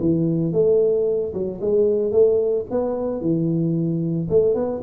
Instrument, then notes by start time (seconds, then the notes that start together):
tuba
0.00 E3
0.52 A3
1.33 F#3
1.61 G#3
2.12 A3
2.70 B3
3.21 E3
4.30 A3
4.54 B3